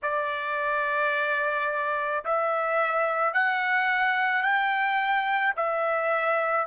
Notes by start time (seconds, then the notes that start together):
0.02 D5
2.24 E5
3.33 F#5
4.42 G5
5.56 E5